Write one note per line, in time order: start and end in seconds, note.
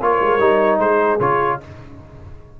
0.00 0.20 A#3
0.00 0.39 F4
0.00 0.80 A#4
0.00 0.79 C#5
0.21 0.39 G#3
0.39 0.78 G3
0.39 1.19 D#4
0.78 1.18 G#3
0.78 1.60 G#4
0.78 1.19 C5
1.20 1.60 C#3
1.20 1.60 F4
1.20 1.60 C#5